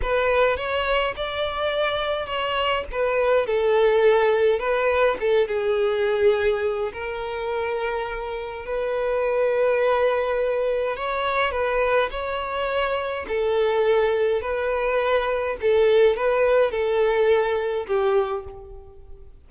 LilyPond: \new Staff \with { instrumentName = "violin" } { \time 4/4 \tempo 4 = 104 b'4 cis''4 d''2 | cis''4 b'4 a'2 | b'4 a'8 gis'2~ gis'8 | ais'2. b'4~ |
b'2. cis''4 | b'4 cis''2 a'4~ | a'4 b'2 a'4 | b'4 a'2 g'4 | }